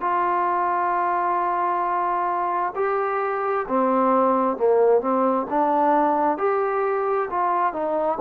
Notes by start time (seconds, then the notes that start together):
0.00 F4
2.75 G4
3.67 C4
4.57 A#3
5.01 C4
5.49 D4
6.38 G4
7.30 F4
7.73 D#4